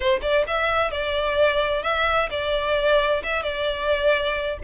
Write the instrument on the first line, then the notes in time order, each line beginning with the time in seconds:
violin
0.00 C5
0.22 D5
0.47 E5
0.90 D5
1.83 E5
2.30 D5
3.23 E5
3.42 D5